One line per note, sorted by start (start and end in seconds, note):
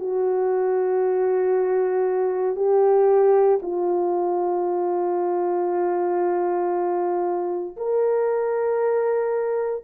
0.00 2.56 F#4
2.56 3.60 G4
3.63 7.76 F4
7.77 9.84 A#4